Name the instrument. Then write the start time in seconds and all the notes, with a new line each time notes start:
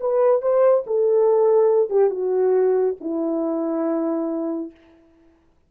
horn
0.00 B4
0.42 C5
0.86 A4
1.90 G4
2.10 F#4
3.01 E4